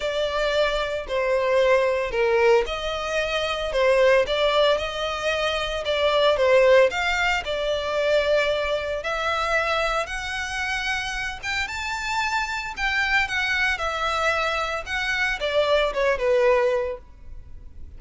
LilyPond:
\new Staff \with { instrumentName = "violin" } { \time 4/4 \tempo 4 = 113 d''2 c''2 | ais'4 dis''2 c''4 | d''4 dis''2 d''4 | c''4 f''4 d''2~ |
d''4 e''2 fis''4~ | fis''4. g''8 a''2 | g''4 fis''4 e''2 | fis''4 d''4 cis''8 b'4. | }